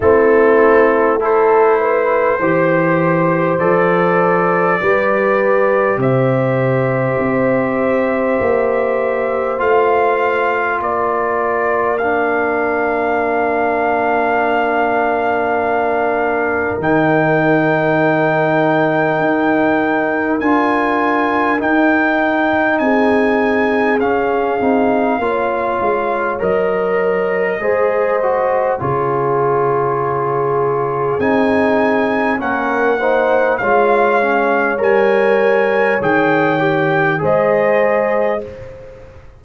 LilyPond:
<<
  \new Staff \with { instrumentName = "trumpet" } { \time 4/4 \tempo 4 = 50 a'4 c''2 d''4~ | d''4 e''2. | f''4 d''4 f''2~ | f''2 g''2~ |
g''4 gis''4 g''4 gis''4 | f''2 dis''2 | cis''2 gis''4 fis''4 | f''4 gis''4 g''4 dis''4 | }
  \new Staff \with { instrumentName = "horn" } { \time 4/4 e'4 a'8 b'8 c''2 | b'4 c''2.~ | c''4 ais'2.~ | ais'1~ |
ais'2. gis'4~ | gis'4 cis''2 c''4 | gis'2. ais'8 c''8 | cis''2. c''4 | }
  \new Staff \with { instrumentName = "trombone" } { \time 4/4 c'4 e'4 g'4 a'4 | g'1 | f'2 d'2~ | d'2 dis'2~ |
dis'4 f'4 dis'2 | cis'8 dis'8 f'4 ais'4 gis'8 fis'8 | f'2 dis'4 cis'8 dis'8 | f'8 cis'8 ais'4 gis'8 g'8 gis'4 | }
  \new Staff \with { instrumentName = "tuba" } { \time 4/4 a2 e4 f4 | g4 c4 c'4 ais4 | a4 ais2.~ | ais2 dis2 |
dis'4 d'4 dis'4 c'4 | cis'8 c'8 ais8 gis8 fis4 gis4 | cis2 c'4 ais4 | gis4 g4 dis4 gis4 | }
>>